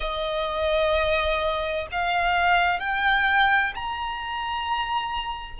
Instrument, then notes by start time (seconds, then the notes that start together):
violin
0.00 D#5
1.91 F5
2.79 G5
3.74 A#5